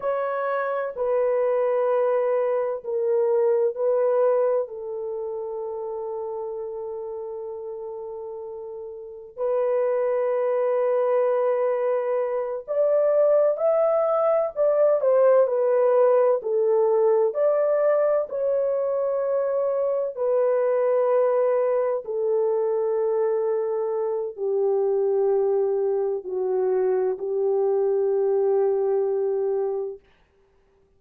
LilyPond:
\new Staff \with { instrumentName = "horn" } { \time 4/4 \tempo 4 = 64 cis''4 b'2 ais'4 | b'4 a'2.~ | a'2 b'2~ | b'4. d''4 e''4 d''8 |
c''8 b'4 a'4 d''4 cis''8~ | cis''4. b'2 a'8~ | a'2 g'2 | fis'4 g'2. | }